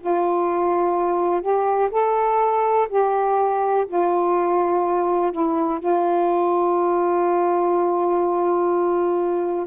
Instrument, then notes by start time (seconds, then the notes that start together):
saxophone
0.00 F4
1.41 G4
1.90 A4
2.89 G4
3.87 F4
5.31 E4
5.79 F4